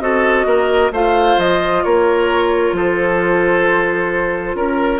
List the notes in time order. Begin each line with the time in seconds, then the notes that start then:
0.00 C4 F#4 A4 D#5
0.45 A#3 A#4
0.91 A3 F4 C5 F5
1.38 F3 D#5
1.84 A#3 A#4 C#5
2.73 F3 A4 C5
4.55 C#4 A#4